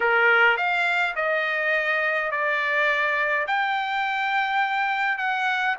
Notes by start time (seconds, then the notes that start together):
0.00 A#4
0.57 F5
1.15 D#5
2.31 D5
3.47 G5
5.18 F#5